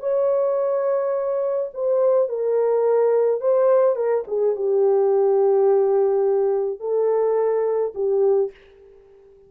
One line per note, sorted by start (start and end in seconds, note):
0.00 1.70 C#5
1.74 2.29 C5
2.29 3.41 A#4
3.41 3.96 C5
3.96 4.24 A#4
4.28 4.56 G#4
4.56 6.80 G4
6.80 7.93 A4
7.95 8.51 G4